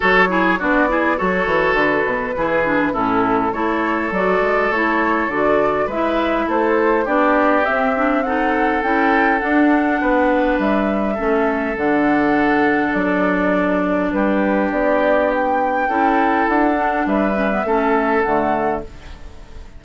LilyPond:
<<
  \new Staff \with { instrumentName = "flute" } { \time 4/4 \tempo 4 = 102 cis''4 d''4 cis''4 b'4~ | b'4 a'4 cis''4 d''4 | cis''4 d''4 e''4 c''4 | d''4 e''4 fis''4 g''4 |
fis''2 e''2 | fis''2 d''2 | b'4 d''4 g''2 | fis''4 e''2 fis''4 | }
  \new Staff \with { instrumentName = "oboe" } { \time 4/4 a'8 gis'8 fis'8 gis'8 a'2 | gis'4 e'4 a'2~ | a'2 b'4 a'4 | g'2 a'2~ |
a'4 b'2 a'4~ | a'1 | g'2. a'4~ | a'4 b'4 a'2 | }
  \new Staff \with { instrumentName = "clarinet" } { \time 4/4 fis'8 e'8 d'8 e'8 fis'2 | e'8 d'8 cis'4 e'4 fis'4 | e'4 fis'4 e'2 | d'4 c'8 d'8 dis'4 e'4 |
d'2. cis'4 | d'1~ | d'2. e'4~ | e'8 d'4 cis'16 b16 cis'4 a4 | }
  \new Staff \with { instrumentName = "bassoon" } { \time 4/4 fis4 b4 fis8 e8 d8 b,8 | e4 a,4 a4 fis8 gis8 | a4 d4 gis4 a4 | b4 c'2 cis'4 |
d'4 b4 g4 a4 | d2 fis2 | g4 b2 cis'4 | d'4 g4 a4 d4 | }
>>